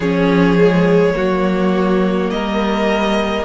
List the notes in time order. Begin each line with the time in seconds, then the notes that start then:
0.00 F3 C#4 G#4 C#5
0.58 G#3
1.14 F#3 A#3 F#4
2.30 G3 A#4 D#5